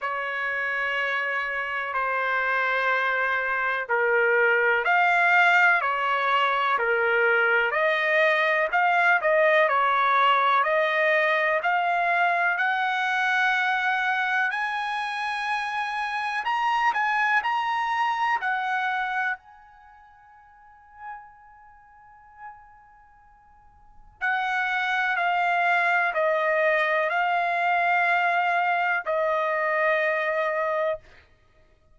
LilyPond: \new Staff \with { instrumentName = "trumpet" } { \time 4/4 \tempo 4 = 62 cis''2 c''2 | ais'4 f''4 cis''4 ais'4 | dis''4 f''8 dis''8 cis''4 dis''4 | f''4 fis''2 gis''4~ |
gis''4 ais''8 gis''8 ais''4 fis''4 | gis''1~ | gis''4 fis''4 f''4 dis''4 | f''2 dis''2 | }